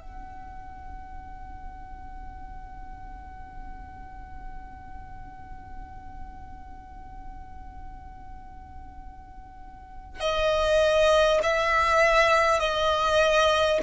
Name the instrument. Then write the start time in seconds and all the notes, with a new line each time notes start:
violin
0.00 F#5
10.20 D#5
11.43 E5
12.59 D#5